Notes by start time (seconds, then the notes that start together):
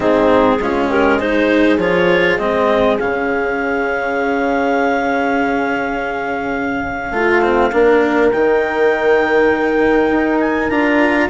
0.00 G#2 C4 D#4 G#4
0.59 G#3 C#4 F4
0.89 G4 A#4
1.18 D#4 G#4 C5
1.78 F3 F4 C#5
2.37 G#3 C4 D#5
2.99 C#3 C#4 F5
7.11 A3 F4
7.41 C4
7.72 A#3 D4 A#4
8.31 D#3 D#4 G5
10.11 D#4
10.39 G#5
10.69 D4 F4 A#5